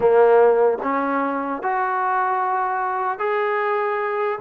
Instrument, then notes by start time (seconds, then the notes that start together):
trombone
0.00 A#3
0.82 C#4
1.62 F#4
3.18 G#4